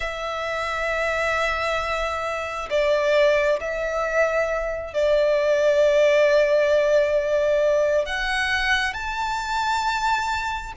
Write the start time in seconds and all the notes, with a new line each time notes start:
0.00 E5
2.69 D5
3.60 E5
4.93 D5
8.05 F#5
8.93 A5